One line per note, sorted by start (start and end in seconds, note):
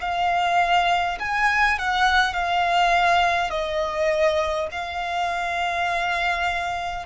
0.00 1.18 F5
1.19 1.78 G#5
1.78 2.33 F#5
2.33 3.50 F5
3.50 4.67 D#5
4.71 7.06 F5